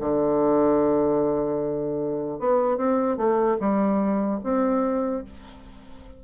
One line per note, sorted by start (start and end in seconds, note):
0.00 2.39 D3
2.39 2.77 B3
2.77 3.18 C4
3.18 3.58 A3
3.60 4.41 G3
4.44 5.24 C4